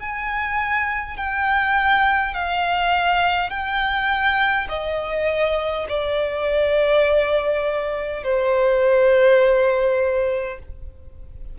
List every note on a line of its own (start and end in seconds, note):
0.00 1.17 G#5
1.17 2.34 G5
2.34 3.50 F5
3.50 4.68 G5
4.69 5.87 D#5
5.89 8.24 D5
8.24 10.59 C5